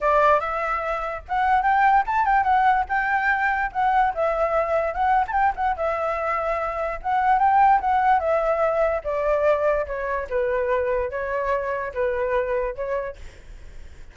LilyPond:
\new Staff \with { instrumentName = "flute" } { \time 4/4 \tempo 4 = 146 d''4 e''2 fis''4 | g''4 a''8 g''8 fis''4 g''4~ | g''4 fis''4 e''2 | fis''8. a''16 g''8 fis''8 e''2~ |
e''4 fis''4 g''4 fis''4 | e''2 d''2 | cis''4 b'2 cis''4~ | cis''4 b'2 cis''4 | }